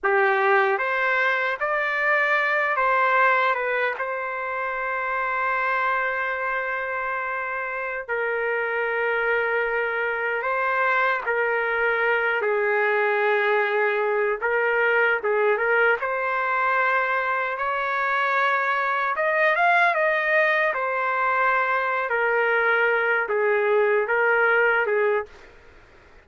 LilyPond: \new Staff \with { instrumentName = "trumpet" } { \time 4/4 \tempo 4 = 76 g'4 c''4 d''4. c''8~ | c''8 b'8 c''2.~ | c''2~ c''16 ais'4.~ ais'16~ | ais'4~ ais'16 c''4 ais'4. gis'16~ |
gis'2~ gis'16 ais'4 gis'8 ais'16~ | ais'16 c''2 cis''4.~ cis''16~ | cis''16 dis''8 f''8 dis''4 c''4.~ c''16 | ais'4. gis'4 ais'4 gis'8 | }